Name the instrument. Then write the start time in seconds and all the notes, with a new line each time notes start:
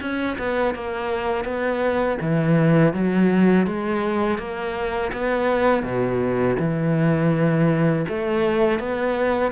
cello
0.00 C#4
0.38 B3
0.74 A#3
1.44 B3
2.21 E3
2.93 F#3
3.66 G#3
4.38 A#3
5.12 B3
5.83 B2
6.59 E3
8.08 A3
8.79 B3